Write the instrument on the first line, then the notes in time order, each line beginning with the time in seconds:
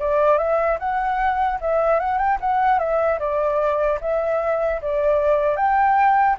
flute
0.00 D5
0.39 E5
0.80 F#5
1.61 E5
2.00 F#5
2.18 G5
2.41 F#5
2.79 E5
3.19 D5
4.01 E5
4.82 D5
5.57 G5